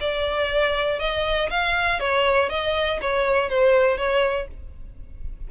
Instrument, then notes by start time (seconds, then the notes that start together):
violin
0.00 D5
0.99 D#5
1.50 F5
2.00 C#5
2.49 D#5
3.01 C#5
3.49 C5
3.97 C#5